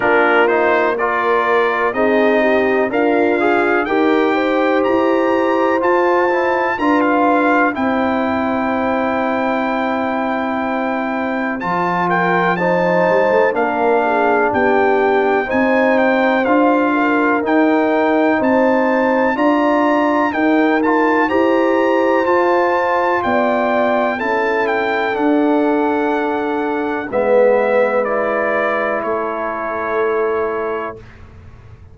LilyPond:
<<
  \new Staff \with { instrumentName = "trumpet" } { \time 4/4 \tempo 4 = 62 ais'8 c''8 d''4 dis''4 f''4 | g''4 ais''4 a''4 ais''16 f''8. | g''1 | a''8 g''8 a''4 f''4 g''4 |
gis''8 g''8 f''4 g''4 a''4 | ais''4 g''8 a''8 ais''4 a''4 | g''4 a''8 g''8 fis''2 | e''4 d''4 cis''2 | }
  \new Staff \with { instrumentName = "horn" } { \time 4/4 f'4 ais'4 gis'8 g'8 f'4 | ais'8 c''2~ c''8 b'4 | c''1~ | c''8 ais'8 c''4 ais'8 gis'8 g'4 |
c''4. ais'4. c''4 | d''4 ais'4 c''2 | d''4 a'2. | b'2 a'2 | }
  \new Staff \with { instrumentName = "trombone" } { \time 4/4 d'8 dis'8 f'4 dis'4 ais'8 gis'8 | g'2 f'8 e'8 f'4 | e'1 | f'4 dis'4 d'2 |
dis'4 f'4 dis'2 | f'4 dis'8 f'8 g'4 f'4~ | f'4 e'4 d'2 | b4 e'2. | }
  \new Staff \with { instrumentName = "tuba" } { \time 4/4 ais2 c'4 d'4 | dis'4 e'4 f'4 d'4 | c'1 | f4. g16 a16 ais4 b4 |
c'4 d'4 dis'4 c'4 | d'4 dis'4 e'4 f'4 | b4 cis'4 d'2 | gis2 a2 | }
>>